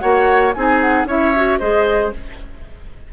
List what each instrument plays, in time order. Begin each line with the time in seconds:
0.00 bassoon A#3, clarinet F#4, oboe C#5, flute F#5
0.54 bassoon C4, clarinet D#4, oboe G#4, flute G#5
0.81 flute F#5
1.06 bassoon C#4, clarinet E4, oboe C#5, flute E5
1.36 clarinet F#4
1.60 bassoon G#3, clarinet G#4, oboe C5, flute D#5